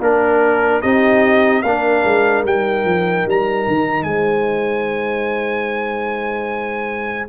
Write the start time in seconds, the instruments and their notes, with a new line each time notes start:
0.00 tuba A#3, trombone D4, horn A#4, trumpet A#4
0.82 tuba C4, trombone D#4, horn G4, trumpet D#5
1.63 tuba A#3, trombone D4, horn A#4, trumpet F5
2.05 tuba G#3
2.45 tuba G3, trombone D#4, trumpet G5
2.85 tuba F3
3.27 tuba G3, trumpet A#5
3.68 tuba D#3
4.04 tuba G#3, horn C5, trumpet G#5